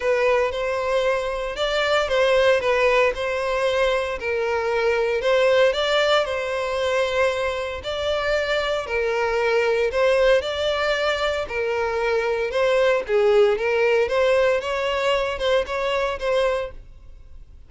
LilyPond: \new Staff \with { instrumentName = "violin" } { \time 4/4 \tempo 4 = 115 b'4 c''2 d''4 | c''4 b'4 c''2 | ais'2 c''4 d''4 | c''2. d''4~ |
d''4 ais'2 c''4 | d''2 ais'2 | c''4 gis'4 ais'4 c''4 | cis''4. c''8 cis''4 c''4 | }